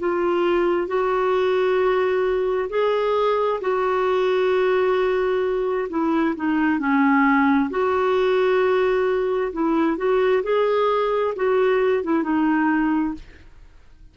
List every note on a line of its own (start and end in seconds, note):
0.00 0.88 F4
0.88 2.69 F#4
2.70 3.61 G#4
3.61 5.88 F#4
5.90 6.36 E4
6.36 6.79 D#4
6.79 7.70 C#4
7.71 9.52 F#4
9.53 9.98 E4
9.98 10.43 F#4
10.44 11.35 G#4
11.36 12.04 F#4
12.04 12.24 E4
12.24 13.14 D#4